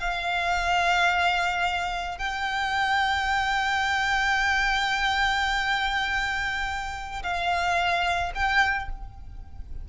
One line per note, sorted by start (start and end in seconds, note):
0.00 2.18 F5
2.18 7.23 G5
7.23 8.32 F5
8.35 8.89 G5